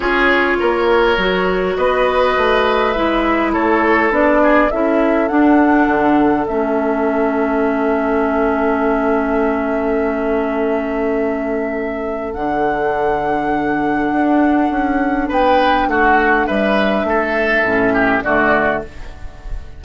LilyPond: <<
  \new Staff \with { instrumentName = "flute" } { \time 4/4 \tempo 4 = 102 cis''2. dis''4~ | dis''4 e''4 cis''4 d''4 | e''4 fis''2 e''4~ | e''1~ |
e''1~ | e''4 fis''2.~ | fis''2 g''4 fis''4 | e''2. d''4 | }
  \new Staff \with { instrumentName = "oboe" } { \time 4/4 gis'4 ais'2 b'4~ | b'2 a'4. gis'8 | a'1~ | a'1~ |
a'1~ | a'1~ | a'2 b'4 fis'4 | b'4 a'4. g'8 fis'4 | }
  \new Staff \with { instrumentName = "clarinet" } { \time 4/4 f'2 fis'2~ | fis'4 e'2 d'4 | e'4 d'2 cis'4~ | cis'1~ |
cis'1~ | cis'4 d'2.~ | d'1~ | d'2 cis'4 a4 | }
  \new Staff \with { instrumentName = "bassoon" } { \time 4/4 cis'4 ais4 fis4 b4 | a4 gis4 a4 b4 | cis'4 d'4 d4 a4~ | a1~ |
a1~ | a4 d2. | d'4 cis'4 b4 a4 | g4 a4 a,4 d4 | }
>>